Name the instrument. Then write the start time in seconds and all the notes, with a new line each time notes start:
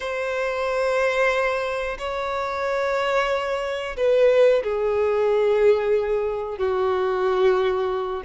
violin
0.00 C5
1.98 C#5
3.97 B4
4.63 G#4
6.58 F#4